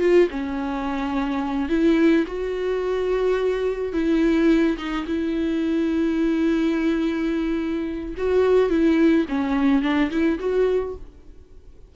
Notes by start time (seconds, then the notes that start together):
0.00 F4
0.30 C#4
1.69 E4
2.27 F#4
3.93 E4
4.77 D#4
5.07 E4
8.17 F#4
8.70 E4
9.29 C#4
9.82 D4
10.10 E4
10.39 F#4